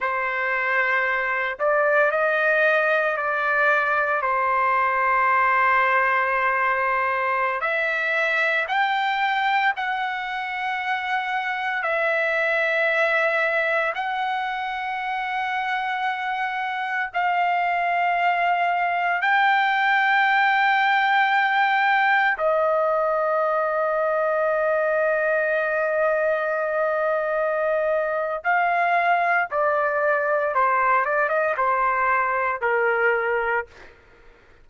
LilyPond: \new Staff \with { instrumentName = "trumpet" } { \time 4/4 \tempo 4 = 57 c''4. d''8 dis''4 d''4 | c''2.~ c''16 e''8.~ | e''16 g''4 fis''2 e''8.~ | e''4~ e''16 fis''2~ fis''8.~ |
fis''16 f''2 g''4.~ g''16~ | g''4~ g''16 dis''2~ dis''8.~ | dis''2. f''4 | d''4 c''8 d''16 dis''16 c''4 ais'4 | }